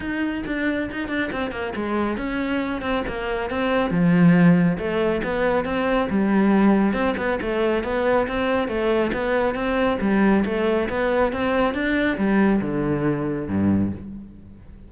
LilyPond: \new Staff \with { instrumentName = "cello" } { \time 4/4 \tempo 4 = 138 dis'4 d'4 dis'8 d'8 c'8 ais8 | gis4 cis'4. c'8 ais4 | c'4 f2 a4 | b4 c'4 g2 |
c'8 b8 a4 b4 c'4 | a4 b4 c'4 g4 | a4 b4 c'4 d'4 | g4 d2 g,4 | }